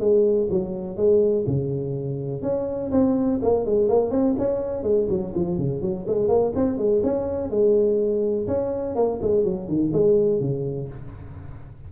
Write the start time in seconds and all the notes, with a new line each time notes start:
0.00 G#3
0.50 F#3
0.97 G#3
1.47 C#3
2.43 C#4
2.92 C4
3.42 A#3
3.66 G#3
3.89 A#3
4.11 C4
4.39 C#4
4.83 G#3
5.09 F#3
5.35 F3
5.58 C#3
5.82 F#3
6.07 G#3
6.29 A#3
6.55 C4
6.78 G#3
7.04 C#4
7.51 G#3
8.47 C#4
8.96 A#3
9.22 G#3
9.44 F#3
9.68 D#3
9.93 G#3
10.40 C#3